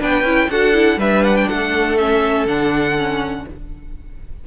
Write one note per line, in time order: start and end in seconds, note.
0.00 0.24 B3
0.00 0.25 D4
0.00 0.49 B4
0.00 0.51 G5
0.24 0.48 C#4
0.24 0.50 E4
0.50 0.97 D4
0.50 0.74 F#4
0.50 0.99 A4
0.50 1.00 F#5
0.74 0.99 E4
0.97 1.46 G3
0.97 1.99 D4
0.97 1.48 B4
0.97 1.25 E5
1.25 1.37 F#5
1.37 1.49 G5
1.48 2.46 A3
1.48 3.45 A4
1.48 1.98 F#5
1.98 2.48 C#4
1.98 2.47 E5
2.46 3.45 D3
2.46 2.97 D4
2.46 3.47 F#5
2.98 3.48 C#4